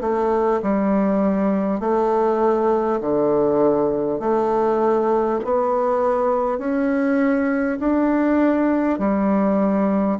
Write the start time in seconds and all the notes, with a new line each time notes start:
0.00 A3
0.62 G3
1.80 A3
3.01 D3
4.19 A3
5.44 B3
6.58 C#4
7.79 D4
8.98 G3